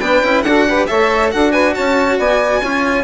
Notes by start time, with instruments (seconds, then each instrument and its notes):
0.00 bassoon B3, cello D4, saxophone B4, violin G5
0.24 bassoon C#4, cello E4
0.43 bassoon D4, cello F#4, saxophone A4, violin F#5
0.68 cello G4, saxophone B4
0.87 bassoon A3, cello A4, saxophone C#5, violin E5
1.32 bassoon D4, cello F#4, saxophone A4, violin F#5
1.52 saxophone B4, violin G#5
1.75 bassoon C#4, saxophone C#5, violin A5
2.18 bassoon B3, saxophone D5, violin G#5
2.61 bassoon C#4, cello F4, saxophone C#5